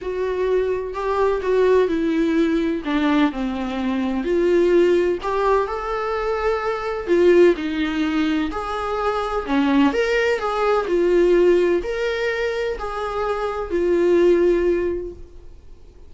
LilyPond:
\new Staff \with { instrumentName = "viola" } { \time 4/4 \tempo 4 = 127 fis'2 g'4 fis'4 | e'2 d'4 c'4~ | c'4 f'2 g'4 | a'2. f'4 |
dis'2 gis'2 | cis'4 ais'4 gis'4 f'4~ | f'4 ais'2 gis'4~ | gis'4 f'2. | }